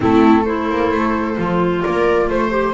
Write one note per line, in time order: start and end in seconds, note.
0.00 0.70 A3
0.00 0.45 C4
0.00 0.42 E4
0.00 0.45 A4
0.42 1.35 E4
0.42 1.79 A4
0.42 1.83 C5
0.70 0.91 A#3
0.91 1.37 A3
1.35 1.83 F3
1.35 2.50 F4
1.83 2.29 A#3
1.83 2.28 A#4
1.83 2.29 D5
2.29 2.73 A3
2.29 2.73 C5
2.50 2.73 G4